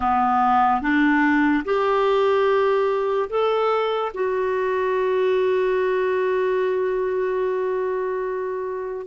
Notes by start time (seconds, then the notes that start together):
0.00 B3
0.81 D4
1.64 G4
3.29 A4
4.14 F#4